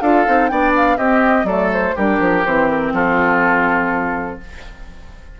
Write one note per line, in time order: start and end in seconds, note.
0.00 0.25 D4
0.00 0.26 F4
0.00 0.50 A4
0.00 0.48 F5
0.26 0.51 C4
0.26 0.49 D#4
0.48 0.97 B3
0.48 0.97 D4
0.48 0.97 D5
0.48 0.72 G5
0.76 0.97 F5
0.97 1.43 C4
0.97 1.46 C4
0.97 1.46 G4
0.97 1.46 D#5
1.43 1.92 F#3
1.43 1.95 A3
1.43 1.95 A4
1.43 1.70 D5
1.73 1.97 C5
1.95 2.19 G3
1.95 2.45 D4
1.95 2.92 G4
1.95 2.45 A#4
2.19 2.43 F3
2.45 2.92 E3
2.45 4.40 C4
2.45 2.68 C5
2.68 2.93 A#4
2.92 4.39 F3
2.92 4.40 F4
2.92 4.40 A4